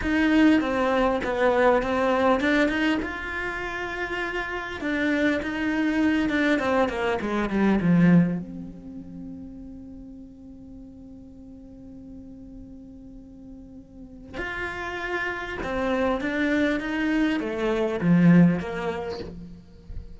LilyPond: \new Staff \with { instrumentName = "cello" } { \time 4/4 \tempo 4 = 100 dis'4 c'4 b4 c'4 | d'8 dis'8 f'2. | d'4 dis'4. d'8 c'8 ais8 | gis8 g8 f4 c'2~ |
c'1~ | c'1 | f'2 c'4 d'4 | dis'4 a4 f4 ais4 | }